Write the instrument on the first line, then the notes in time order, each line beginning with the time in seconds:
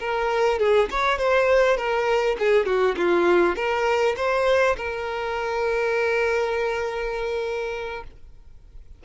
violin
0.00 A#4
0.59 G#4
0.91 C#5
1.18 C5
1.77 A#4
2.39 G#4
2.66 F#4
2.97 F4
3.56 A#4
4.17 C5
4.77 A#4